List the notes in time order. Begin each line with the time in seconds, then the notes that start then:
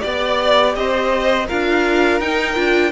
0.00 B3 G4 D5
0.75 C4 C5 D#5
1.46 D4 F4 A#4 F5
2.20 D#4 G5
2.55 D4 F4